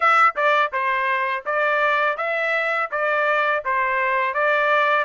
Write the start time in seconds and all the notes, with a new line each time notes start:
0.00 E5
0.35 D5
0.72 C5
1.45 D5
2.17 E5
2.91 D5
3.64 C5
4.34 D5